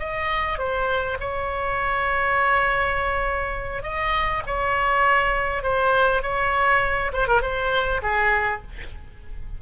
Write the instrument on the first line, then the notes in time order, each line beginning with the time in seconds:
oboe
0.00 D#5
0.59 C5
1.21 C#5
3.83 D#5
4.47 C#5
5.64 C5
6.23 C#5
7.13 C5
7.28 A#4
7.42 C5
8.03 G#4